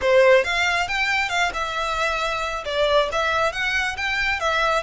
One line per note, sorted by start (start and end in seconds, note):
0.01 0.44 C5
0.44 0.87 F5
0.87 1.29 G5
1.29 1.51 F5
1.53 2.64 E5
2.65 3.09 D5
3.12 3.52 E5
3.52 3.96 F#5
3.96 4.39 G5
4.39 4.82 E5